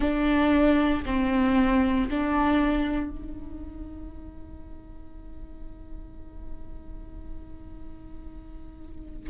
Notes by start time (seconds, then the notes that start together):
0.00 D4
1.05 C4
2.09 D4
3.10 D#4